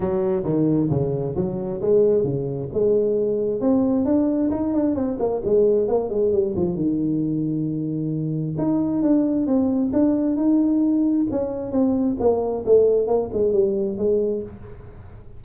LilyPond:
\new Staff \with { instrumentName = "tuba" } { \time 4/4 \tempo 4 = 133 fis4 dis4 cis4 fis4 | gis4 cis4 gis2 | c'4 d'4 dis'8 d'8 c'8 ais8 | gis4 ais8 gis8 g8 f8 dis4~ |
dis2. dis'4 | d'4 c'4 d'4 dis'4~ | dis'4 cis'4 c'4 ais4 | a4 ais8 gis8 g4 gis4 | }